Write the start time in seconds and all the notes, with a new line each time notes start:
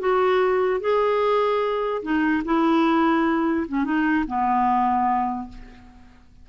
0.00 F#4
0.81 G#4
2.03 D#4
2.45 E4
3.68 C#4
3.85 D#4
4.28 B3